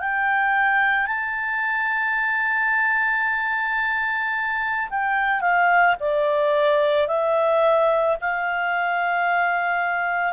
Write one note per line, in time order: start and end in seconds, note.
0.00 1.07 G5
1.07 4.89 A5
4.90 5.41 G5
5.41 5.96 F5
6.00 7.08 D5
7.08 8.17 E5
8.21 10.33 F5